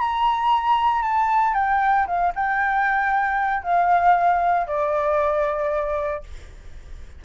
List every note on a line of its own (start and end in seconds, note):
0.00 1.03 A#5
1.03 1.55 A5
1.55 2.07 G5
2.07 2.33 F5
2.35 3.64 G5
3.64 4.67 F5
4.67 6.24 D5